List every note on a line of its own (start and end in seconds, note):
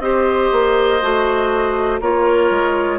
0.00 0.50 C4
0.00 1.01 G4
0.00 2.01 C5
0.00 2.00 D#5
0.52 1.02 A#3
1.01 2.01 A3
1.01 2.01 F#4
2.01 2.51 A#3
2.01 2.99 F4
2.01 2.99 A#4
2.01 2.99 C#5
2.51 2.99 G#3